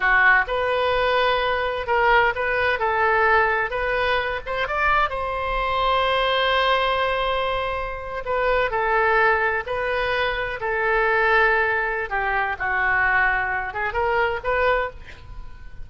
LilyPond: \new Staff \with { instrumentName = "oboe" } { \time 4/4 \tempo 4 = 129 fis'4 b'2. | ais'4 b'4 a'2 | b'4. c''8 d''4 c''4~ | c''1~ |
c''4.~ c''16 b'4 a'4~ a'16~ | a'8. b'2 a'4~ a'16~ | a'2 g'4 fis'4~ | fis'4. gis'8 ais'4 b'4 | }